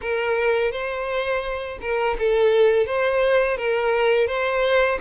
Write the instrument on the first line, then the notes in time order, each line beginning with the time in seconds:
violin
0.01 A#4
0.71 C5
1.81 A#4
2.18 A4
2.86 C5
3.57 A#4
4.27 C5